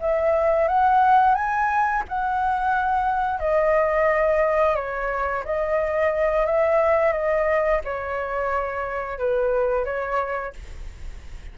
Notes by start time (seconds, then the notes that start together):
0.00 E5
0.68 F#5
1.35 G#5
2.09 F#5
3.40 D#5
4.76 C#5
5.45 D#5
6.46 E5
7.13 D#5
7.85 C#5
9.19 B4
9.85 C#5